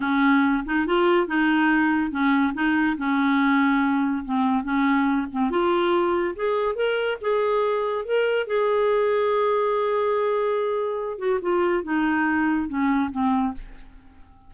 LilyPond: \new Staff \with { instrumentName = "clarinet" } { \time 4/4 \tempo 4 = 142 cis'4. dis'8 f'4 dis'4~ | dis'4 cis'4 dis'4 cis'4~ | cis'2 c'4 cis'4~ | cis'8 c'8 f'2 gis'4 |
ais'4 gis'2 ais'4 | gis'1~ | gis'2~ gis'8 fis'8 f'4 | dis'2 cis'4 c'4 | }